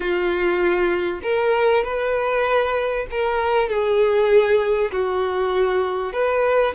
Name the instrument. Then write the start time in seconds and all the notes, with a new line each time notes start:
violin
0.00 F4
1.22 A#4
1.83 B4
3.11 A#4
3.68 G#4
4.91 F#4
6.12 B4